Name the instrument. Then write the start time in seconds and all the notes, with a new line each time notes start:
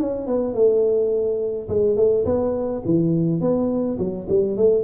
tuba
0.00 C#4
0.27 B3
0.54 A3
1.69 G#3
1.96 A3
2.25 B3
2.85 E3
3.41 B3
3.99 F#3
4.29 G3
4.57 A3